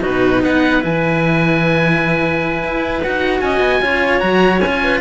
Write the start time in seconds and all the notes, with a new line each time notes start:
0.00 B2 D#4 F#4 B4
0.41 B3 B4 F#5
0.81 E3 E4 G#5
2.63 E4
3.03 D#4 F#4 F#5
3.41 C#4 D#5 G#5
3.60 B3
3.81 C#4 F4 C#5
4.20 F#3 F#4 A#5
4.60 C#4 F4 G#5
4.83 B4